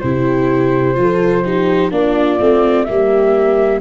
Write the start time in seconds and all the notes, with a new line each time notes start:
0.00 C3 E4 G4 C5
0.95 F3 F4 A4
1.44 D#4 G4
1.91 A#3 D4 F4 D5
2.40 A3 C4
2.85 G3 A#3 G4 E5